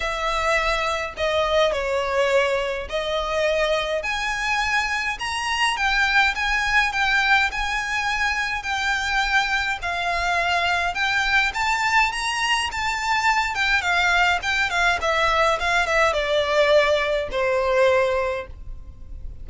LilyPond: \new Staff \with { instrumentName = "violin" } { \time 4/4 \tempo 4 = 104 e''2 dis''4 cis''4~ | cis''4 dis''2 gis''4~ | gis''4 ais''4 g''4 gis''4 | g''4 gis''2 g''4~ |
g''4 f''2 g''4 | a''4 ais''4 a''4. g''8 | f''4 g''8 f''8 e''4 f''8 e''8 | d''2 c''2 | }